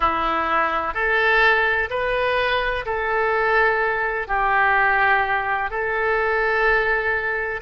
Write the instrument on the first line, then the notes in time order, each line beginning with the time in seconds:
oboe
0.00 E4
0.94 A4
1.90 B4
2.85 A4
4.27 G4
5.70 A4